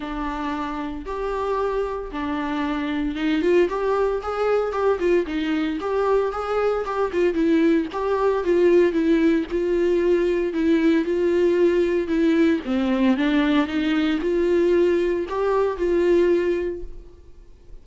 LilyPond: \new Staff \with { instrumentName = "viola" } { \time 4/4 \tempo 4 = 114 d'2 g'2 | d'2 dis'8 f'8 g'4 | gis'4 g'8 f'8 dis'4 g'4 | gis'4 g'8 f'8 e'4 g'4 |
f'4 e'4 f'2 | e'4 f'2 e'4 | c'4 d'4 dis'4 f'4~ | f'4 g'4 f'2 | }